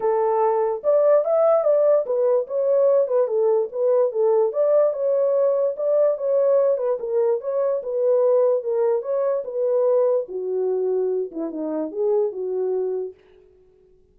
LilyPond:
\new Staff \with { instrumentName = "horn" } { \time 4/4 \tempo 4 = 146 a'2 d''4 e''4 | d''4 b'4 cis''4. b'8 | a'4 b'4 a'4 d''4 | cis''2 d''4 cis''4~ |
cis''8 b'8 ais'4 cis''4 b'4~ | b'4 ais'4 cis''4 b'4~ | b'4 fis'2~ fis'8 e'8 | dis'4 gis'4 fis'2 | }